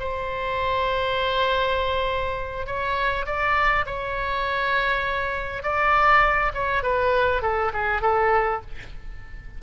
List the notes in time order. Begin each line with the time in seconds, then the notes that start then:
0.00 C5
2.67 C#5
3.26 D5
3.86 C#5
5.63 D5
6.54 C#5
6.83 B4
7.42 A4
7.73 G#4
8.02 A4